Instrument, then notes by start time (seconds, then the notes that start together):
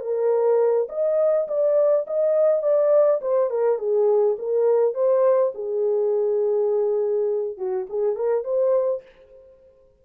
horn
0.00 A#4
0.89 D#5
1.47 D5
2.07 D#5
2.62 D5
3.21 C5
3.50 A#4
3.78 G#4
4.38 A#4
4.94 C5
5.54 G#4
7.57 F#4
7.89 G#4
8.16 A#4
8.44 C5